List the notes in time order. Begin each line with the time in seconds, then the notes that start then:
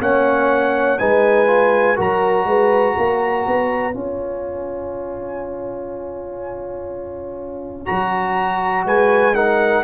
0.00 A#3 C#4 C#5 F#5
0.99 G#3 D#4 B4 G#5
1.47 F4
1.96 F#3 F#4 A#4 A#5
2.45 G#3 B4
2.96 A#3 C#5
3.47 B3
3.93 C#4 F4 G#5
7.86 F#3 F#4 A#5
8.85 G#3 B4 G#5
9.35 D#4 A#4 F#5